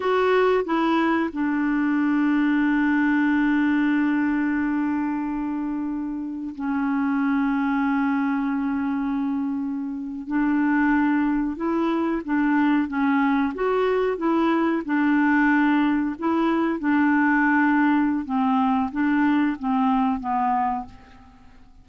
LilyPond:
\new Staff \with { instrumentName = "clarinet" } { \time 4/4 \tempo 4 = 92 fis'4 e'4 d'2~ | d'1~ | d'2 cis'2~ | cis'2.~ cis'8. d'16~ |
d'4.~ d'16 e'4 d'4 cis'16~ | cis'8. fis'4 e'4 d'4~ d'16~ | d'8. e'4 d'2~ d'16 | c'4 d'4 c'4 b4 | }